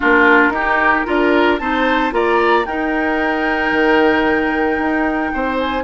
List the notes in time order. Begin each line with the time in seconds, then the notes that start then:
0.00 A#3 D4 F4 A#4
0.48 D#4 G4
0.56 D#4
1.05 D4 F4 A#4
1.58 C4 D#4 C5 A5
2.11 A#3 F4 D5 A#5
2.65 D#4 A#4 G5
3.72 D#3
4.78 D#4
5.33 C4 C5
5.59 G#5